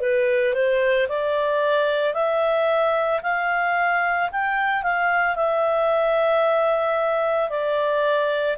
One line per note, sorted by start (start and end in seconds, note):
0.00 0.53 B4
0.53 1.07 C5
1.08 2.13 D5
2.13 3.20 E5
3.22 4.29 F5
4.31 4.83 G5
4.83 5.35 F5
5.35 7.50 E5
7.50 8.57 D5